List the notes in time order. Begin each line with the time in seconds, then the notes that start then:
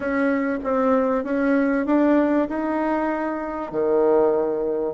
0.00 C#4
0.63 C4
1.24 C#4
1.86 D4
2.49 D#4
3.71 D#3